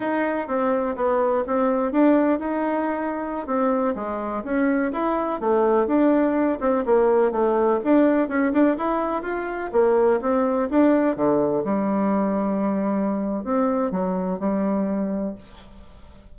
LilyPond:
\new Staff \with { instrumentName = "bassoon" } { \time 4/4 \tempo 4 = 125 dis'4 c'4 b4 c'4 | d'4 dis'2~ dis'16 c'8.~ | c'16 gis4 cis'4 e'4 a8.~ | a16 d'4. c'8 ais4 a8.~ |
a16 d'4 cis'8 d'8 e'4 f'8.~ | f'16 ais4 c'4 d'4 d8.~ | d16 g2.~ g8. | c'4 fis4 g2 | }